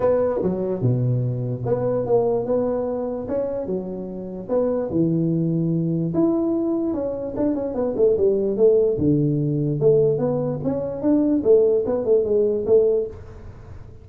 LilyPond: \new Staff \with { instrumentName = "tuba" } { \time 4/4 \tempo 4 = 147 b4 fis4 b,2 | b4 ais4 b2 | cis'4 fis2 b4 | e2. e'4~ |
e'4 cis'4 d'8 cis'8 b8 a8 | g4 a4 d2 | a4 b4 cis'4 d'4 | a4 b8 a8 gis4 a4 | }